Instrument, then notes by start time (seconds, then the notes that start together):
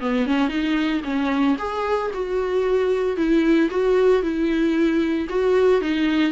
viola
0.00 B3
0.26 C#4
0.48 D#4
1.04 C#4
1.58 G#4
2.13 F#4
3.16 E4
3.70 F#4
4.22 E4
5.29 F#4
5.81 D#4